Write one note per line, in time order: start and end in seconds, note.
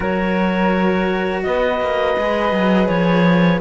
0.00 1.44 F#3
0.00 2.14 F#4
0.00 1.42 A#4
0.00 1.43 C#5
1.43 1.80 B3
1.43 3.61 B4
1.43 2.87 D#5
1.80 2.17 A#3
2.17 2.52 G#3
2.17 3.61 G#4
2.52 2.88 F#3
2.87 3.61 F3
2.87 3.59 C#5